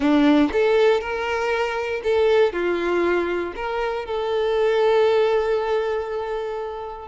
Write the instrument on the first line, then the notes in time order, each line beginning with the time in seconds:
violin
0.00 D4
0.52 A4
1.01 A#4
2.03 A4
2.52 F4
3.55 A#4
4.05 A4